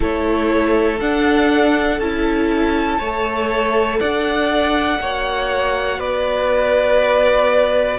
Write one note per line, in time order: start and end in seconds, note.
0.00 1.00 A3
0.00 0.99 E4
0.00 2.98 A4
0.00 1.00 C#5
1.00 2.00 D4
1.00 1.99 D4
1.00 2.00 F#5
1.99 2.99 C#4
1.99 3.01 E4
1.99 4.00 A5
2.98 4.00 A3
2.98 5.01 A4
2.98 3.98 C#5
3.99 4.99 D4
3.99 4.99 D5
3.99 6.00 F#5
4.99 5.99 A#3
4.99 7.99 F#4
4.99 5.99 C#5
5.99 7.99 B3
5.99 7.99 B4
5.99 7.99 D5